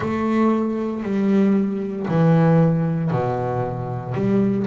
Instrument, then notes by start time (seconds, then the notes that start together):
double bass
0.00 A3
1.03 G3
2.07 E3
3.10 B2
4.14 G3